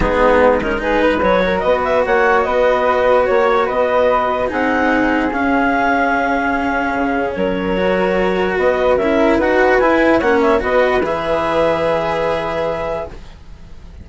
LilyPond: <<
  \new Staff \with { instrumentName = "clarinet" } { \time 4/4 \tempo 4 = 147 gis'4. ais'8 b'4 cis''4 | dis''8 e''8 fis''4 dis''2 | cis''4 dis''2 fis''4~ | fis''4 f''2.~ |
f''2 cis''2~ | cis''4 dis''4 e''4 fis''4 | gis''4 fis''8 e''8 dis''4 e''4~ | e''1 | }
  \new Staff \with { instrumentName = "flute" } { \time 4/4 dis'2 gis'8 b'4 ais'8 | b'4 cis''4 b'2 | cis''4 b'2 gis'4~ | gis'1~ |
gis'2 ais'2~ | ais'4 b'4 ais'4 b'4~ | b'4 cis''4 b'2~ | b'1 | }
  \new Staff \with { instrumentName = "cello" } { \time 4/4 b4. cis'8 dis'4 fis'4~ | fis'1~ | fis'2. dis'4~ | dis'4 cis'2.~ |
cis'2. fis'4~ | fis'2 e'4 fis'4 | e'4 cis'4 fis'4 gis'4~ | gis'1 | }
  \new Staff \with { instrumentName = "bassoon" } { \time 4/4 gis2. fis4 | b4 ais4 b2 | ais4 b2 c'4~ | c'4 cis'2.~ |
cis'4 cis4 fis2~ | fis4 b4 cis'4 dis'4 | e'4 ais4 b4 e4~ | e1 | }
>>